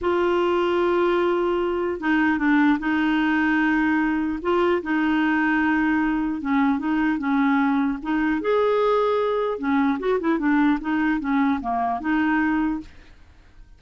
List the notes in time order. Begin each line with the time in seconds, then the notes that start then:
0.01 F4
2.00 D#4
2.38 D4
2.79 D#4
4.41 F4
4.82 D#4
6.41 C#4
6.79 D#4
7.18 C#4
8.02 D#4
8.41 G#4
9.58 C#4
9.99 F#4
10.20 E4
10.38 D4
10.80 D#4
11.20 C#4
11.60 A#3
12.00 D#4